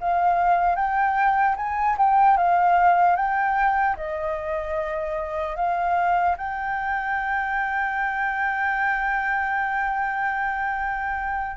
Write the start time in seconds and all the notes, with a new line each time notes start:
0.00 F5
0.75 G5
1.56 G#5
1.97 G5
2.37 F5
3.16 G5
3.96 D#5
5.56 F5
6.37 G5